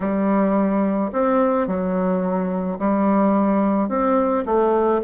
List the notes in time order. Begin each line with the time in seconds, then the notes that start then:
0.00 G3
1.12 C4
1.67 F#3
2.79 G3
3.88 C4
4.45 A3